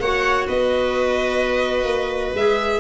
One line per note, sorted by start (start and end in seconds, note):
0.00 0.47 A#3
0.00 2.37 F#4
0.00 0.47 C#5
0.00 0.47 F#5
0.47 1.84 B3
0.47 2.80 B4
0.47 2.35 D#5
1.84 2.31 A#3
2.34 2.80 G#3
2.34 2.80 G#4
2.34 2.80 E5